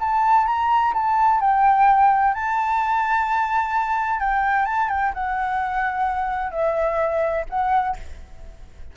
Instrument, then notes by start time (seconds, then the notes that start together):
flute
0.00 A5
0.46 A#5
0.94 A5
1.40 G5
2.34 A5
4.20 G5
4.65 A5
4.89 G5
5.14 F#5
6.51 E5
7.50 F#5